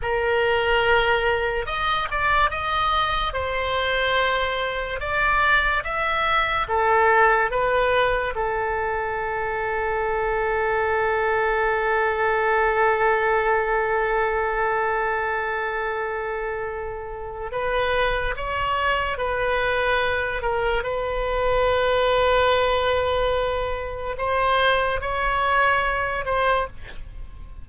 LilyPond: \new Staff \with { instrumentName = "oboe" } { \time 4/4 \tempo 4 = 72 ais'2 dis''8 d''8 dis''4 | c''2 d''4 e''4 | a'4 b'4 a'2~ | a'1~ |
a'1~ | a'4 b'4 cis''4 b'4~ | b'8 ais'8 b'2.~ | b'4 c''4 cis''4. c''8 | }